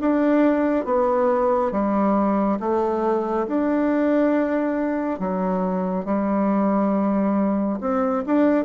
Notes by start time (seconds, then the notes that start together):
0.00 D4
0.85 B3
1.72 G3
2.60 A3
3.47 D4
5.19 F#3
6.05 G3
7.80 C4
8.26 D4